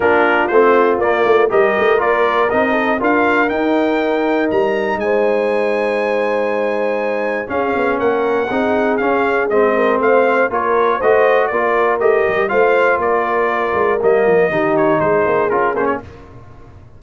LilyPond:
<<
  \new Staff \with { instrumentName = "trumpet" } { \time 4/4 \tempo 4 = 120 ais'4 c''4 d''4 dis''4 | d''4 dis''4 f''4 g''4~ | g''4 ais''4 gis''2~ | gis''2. f''4 |
fis''2 f''4 dis''4 | f''4 cis''4 dis''4 d''4 | dis''4 f''4 d''2 | dis''4. cis''8 c''4 ais'8 c''16 cis''16 | }
  \new Staff \with { instrumentName = "horn" } { \time 4/4 f'2. ais'4~ | ais'4. a'8 ais'2~ | ais'2 c''2~ | c''2. gis'4 |
ais'4 gis'2~ gis'8 ais'8 | c''4 ais'4 c''4 ais'4~ | ais'4 c''4 ais'2~ | ais'4 g'4 gis'2 | }
  \new Staff \with { instrumentName = "trombone" } { \time 4/4 d'4 c'4 ais4 g'4 | f'4 dis'4 f'4 dis'4~ | dis'1~ | dis'2. cis'4~ |
cis'4 dis'4 cis'4 c'4~ | c'4 f'4 fis'4 f'4 | g'4 f'2. | ais4 dis'2 f'8 cis'8 | }
  \new Staff \with { instrumentName = "tuba" } { \time 4/4 ais4 a4 ais8 a8 g8 a8 | ais4 c'4 d'4 dis'4~ | dis'4 g4 gis2~ | gis2. cis'8 b8 |
ais4 c'4 cis'4 gis4 | a4 ais4 a4 ais4 | a8 g8 a4 ais4. gis8 | g8 f8 dis4 gis8 ais8 cis'8 ais8 | }
>>